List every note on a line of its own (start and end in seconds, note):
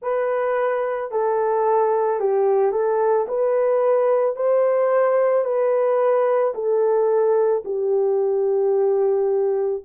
0.01 1.11 B4
1.11 2.19 A4
2.19 2.71 G4
2.71 3.26 A4
3.28 4.36 B4
4.36 5.44 C5
5.44 6.53 B4
6.54 7.63 A4
7.65 9.83 G4